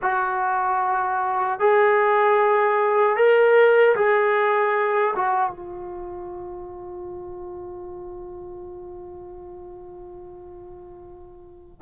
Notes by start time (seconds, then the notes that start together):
0.02 F#4
1.59 G#4
3.16 A#4
3.95 G#4
5.15 F#4
5.50 F4